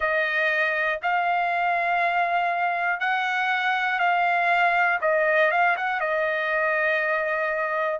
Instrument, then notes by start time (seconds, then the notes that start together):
trumpet
0.00 D#5
1.02 F5
3.00 F#5
3.99 F5
5.00 D#5
5.50 F5
5.76 F#5
6.00 D#5